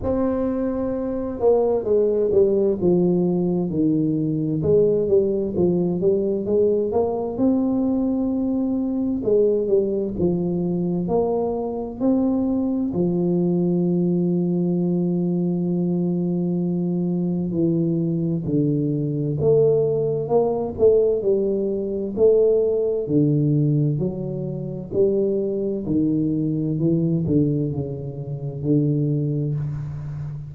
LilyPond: \new Staff \with { instrumentName = "tuba" } { \time 4/4 \tempo 4 = 65 c'4. ais8 gis8 g8 f4 | dis4 gis8 g8 f8 g8 gis8 ais8 | c'2 gis8 g8 f4 | ais4 c'4 f2~ |
f2. e4 | d4 a4 ais8 a8 g4 | a4 d4 fis4 g4 | dis4 e8 d8 cis4 d4 | }